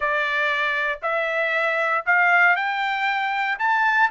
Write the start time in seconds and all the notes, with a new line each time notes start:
0.00 D5
1.02 E5
2.05 F5
2.55 G5
3.58 A5